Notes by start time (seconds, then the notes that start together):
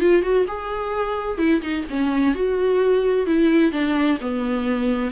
0.00 F4
0.22 F#4
0.47 G#4
1.38 E4
1.62 D#4
1.90 C#4
2.35 F#4
3.26 E4
3.72 D4
4.21 B3